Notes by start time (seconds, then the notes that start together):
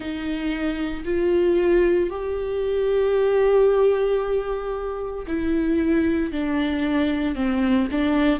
0.00 D#4
1.04 F4
2.10 G4
5.27 E4
6.32 D4
7.34 C4
7.91 D4